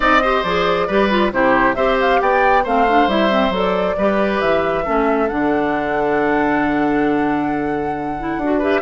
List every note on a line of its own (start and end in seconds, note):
0.00 0.42 C4
0.00 0.22 D#4
0.00 0.21 D5
0.00 0.43 D#5
0.22 0.45 G4
0.22 0.87 C5
0.43 0.87 F3
0.43 0.88 G#4
0.43 1.31 D5
0.87 1.32 G3
0.87 1.09 G4
0.87 1.31 B4
1.09 1.32 F4
1.32 1.75 C3
1.32 1.76 E4
1.32 1.76 G4
1.32 1.74 C5
1.74 2.19 C4
1.74 2.64 G4
1.74 2.20 C5
1.74 1.97 E5
2.00 2.21 F5
2.21 2.65 B3
2.21 2.63 D5
2.21 2.65 G5
2.63 3.07 A3
2.63 2.87 C4
2.63 3.96 C5
2.63 3.09 F5
2.87 3.09 D4
3.07 3.50 G3
3.07 3.30 E4
3.07 3.53 E5
3.30 3.52 C4
3.50 3.94 F#3
3.50 3.97 A4
3.57 4.40 D5
3.97 4.41 G3
3.97 4.84 G4
3.97 4.85 B4
4.40 4.85 E3
4.40 5.28 E5
4.84 5.30 A3
4.84 5.28 C#4
4.84 8.58 A4
5.28 8.37 D3
5.28 8.16 D4
5.28 8.59 F#5
8.19 8.41 E4
8.37 8.81 D4
8.43 8.61 F#4
8.58 8.82 G4
8.58 8.80 B4
8.58 8.82 E5